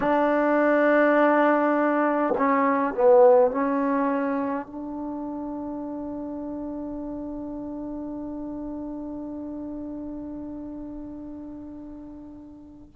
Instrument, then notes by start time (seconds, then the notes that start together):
trombone
0.00 D4
2.37 C#4
2.94 B3
3.51 C#4
4.66 D4